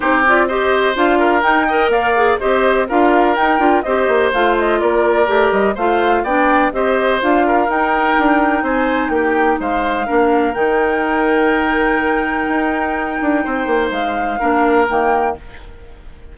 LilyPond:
<<
  \new Staff \with { instrumentName = "flute" } { \time 4/4 \tempo 4 = 125 c''8 d''8 dis''4 f''4 g''4 | f''4 dis''4 f''4 g''4 | dis''4 f''8 dis''8 d''4. dis''8 | f''4 g''4 dis''4 f''4 |
g''2 gis''4 g''4 | f''2 g''2~ | g''1~ | g''4 f''2 g''4 | }
  \new Staff \with { instrumentName = "oboe" } { \time 4/4 g'4 c''4. ais'4 dis''8 | d''4 c''4 ais'2 | c''2 ais'2 | c''4 d''4 c''4. ais'8~ |
ais'2 c''4 g'4 | c''4 ais'2.~ | ais'1 | c''2 ais'2 | }
  \new Staff \with { instrumentName = "clarinet" } { \time 4/4 dis'8 f'8 g'4 f'4 dis'8 ais'8~ | ais'8 gis'8 g'4 f'4 dis'8 f'8 | g'4 f'2 g'4 | f'4 d'4 g'4 f'4 |
dis'1~ | dis'4 d'4 dis'2~ | dis'1~ | dis'2 d'4 ais4 | }
  \new Staff \with { instrumentName = "bassoon" } { \time 4/4 c'2 d'4 dis'4 | ais4 c'4 d'4 dis'8 d'8 | c'8 ais8 a4 ais4 a8 g8 | a4 b4 c'4 d'4 |
dis'4 d'4 c'4 ais4 | gis4 ais4 dis2~ | dis2 dis'4. d'8 | c'8 ais8 gis4 ais4 dis4 | }
>>